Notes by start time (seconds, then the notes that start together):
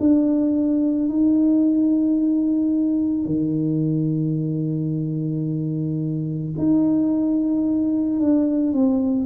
0.00 D4
1.10 D#4
3.26 D#3
6.58 D#4
8.21 D4
8.73 C4